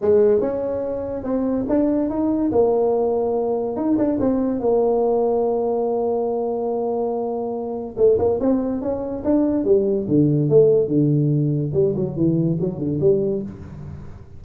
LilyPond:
\new Staff \with { instrumentName = "tuba" } { \time 4/4 \tempo 4 = 143 gis4 cis'2 c'4 | d'4 dis'4 ais2~ | ais4 dis'8 d'8 c'4 ais4~ | ais1~ |
ais2. a8 ais8 | c'4 cis'4 d'4 g4 | d4 a4 d2 | g8 fis8 e4 fis8 d8 g4 | }